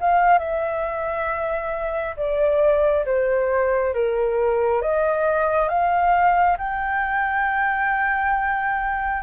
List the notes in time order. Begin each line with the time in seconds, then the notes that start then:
0.00 F5
0.39 E5
2.17 D5
3.06 C5
3.94 A#4
4.82 D#5
5.69 F5
6.58 G5